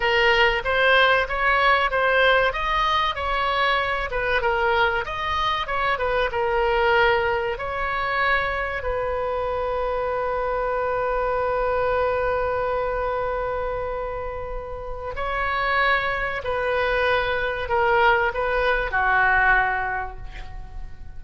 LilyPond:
\new Staff \with { instrumentName = "oboe" } { \time 4/4 \tempo 4 = 95 ais'4 c''4 cis''4 c''4 | dis''4 cis''4. b'8 ais'4 | dis''4 cis''8 b'8 ais'2 | cis''2 b'2~ |
b'1~ | b'1 | cis''2 b'2 | ais'4 b'4 fis'2 | }